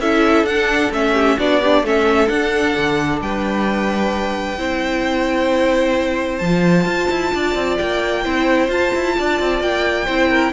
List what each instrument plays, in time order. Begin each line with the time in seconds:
0.00 cello C#4, viola E4, violin A4 E5
0.44 cello D4, viola D4, violin F#5
0.92 cello A3, viola C#4, violin E5
1.14 violin G4
1.38 cello B3, viola D4, violin F#4 D5
1.61 violin D4, viola G4
1.83 cello A3, viola C#4, violin A4 E5
2.28 viola D4, cello D4, violin F#5
2.77 cello D3
3.21 cello G3, violin B4 G5
4.58 cello C4, viola E4, violin C5
6.38 cello F3, violin A5
6.45 viola F4
6.85 cello F4
7.10 cello E4
7.34 cello D4, violin D5
7.55 cello C4
7.78 cello A#3, violin G5
8.24 cello C4, viola E4, violin C5
8.69 viola F4, cello F4, violin A5
8.95 cello E4
9.18 cello D4, violin D5
9.40 cello C4
9.61 cello A#3, violin G5
10.06 cello C4, viola E4, violin C5
10.30 violin A#4